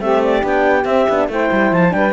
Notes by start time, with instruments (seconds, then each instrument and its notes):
0.00 cello A3, horn C4, saxophone G4, clarinet E5
0.24 clarinet D5
0.41 cello B3, horn D4, clarinet G5
0.85 cello C4, horn C4, clarinet E5
1.09 cello B3, horn D4
1.29 cello A3, horn E4, saxophone C5, clarinet G5
1.52 cello G3
1.72 cello F3, clarinet A5
1.90 cello G3, horn D4, saxophone B4, clarinet G5